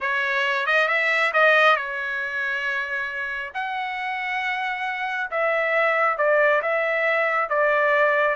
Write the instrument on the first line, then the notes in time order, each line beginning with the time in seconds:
trumpet
0.00 C#5
0.66 D#5
0.87 E5
1.33 D#5
1.76 C#5
3.54 F#5
5.30 E5
6.17 D5
6.62 E5
7.49 D5